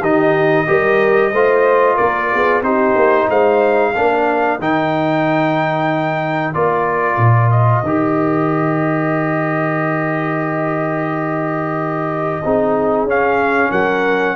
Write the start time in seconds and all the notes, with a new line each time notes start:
0.00 D#3 D#4 G4 D#5
0.66 G3 G4 A#4
1.31 A3 F4 C5
1.95 A#3 A#4 D5
2.32 B3 G#4
2.62 C4 D#4 G4 C5
2.96 A#3
3.29 G#3 C5 F5
3.92 A#3 D4 A#4
4.59 D#3 D#4 G5
6.54 A#3 F4 D5
7.17 A#2
7.51 D#5
7.83 D#3 G4
12.43 C4 D#4 G#4
13.03 C#4
13.10 F5
13.71 F#3 A#4 F#5